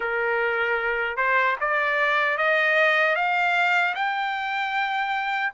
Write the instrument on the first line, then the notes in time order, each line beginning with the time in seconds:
trumpet
0.00 A#4
1.16 C5
1.60 D5
2.37 D#5
3.15 F5
3.94 G5